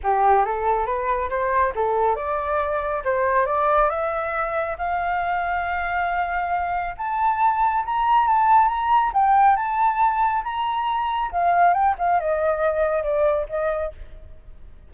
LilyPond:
\new Staff \with { instrumentName = "flute" } { \time 4/4 \tempo 4 = 138 g'4 a'4 b'4 c''4 | a'4 d''2 c''4 | d''4 e''2 f''4~ | f''1 |
a''2 ais''4 a''4 | ais''4 g''4 a''2 | ais''2 f''4 g''8 f''8 | dis''2 d''4 dis''4 | }